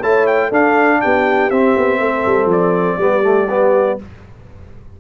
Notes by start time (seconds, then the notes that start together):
0.00 A3 E4 C#5 A5
0.27 G5
0.49 D4 A4 F5
1.01 B3 G4 G5
1.50 C4 E5
1.76 B3
1.99 A3 A4
2.26 G3
2.45 F3
2.51 D5
2.98 G3 B3 G4
3.22 A3
3.49 B3